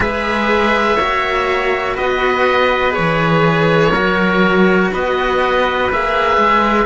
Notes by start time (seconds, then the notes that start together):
0.00 G#3 G#4 B4 E5
0.96 A#3 F#4 C#5
1.94 B3 B4 D#5
2.91 G#4 C#5
2.98 E3
3.92 F#3 F#4 A#4
4.92 B3 B4 D#5
5.90 A#3 G#4 E5
6.37 G#3